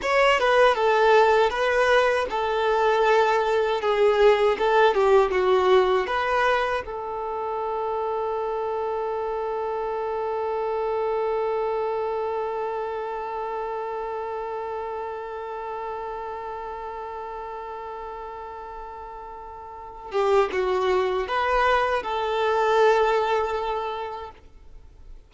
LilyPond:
\new Staff \with { instrumentName = "violin" } { \time 4/4 \tempo 4 = 79 cis''8 b'8 a'4 b'4 a'4~ | a'4 gis'4 a'8 g'8 fis'4 | b'4 a'2.~ | a'1~ |
a'1~ | a'1~ | a'2~ a'8 g'8 fis'4 | b'4 a'2. | }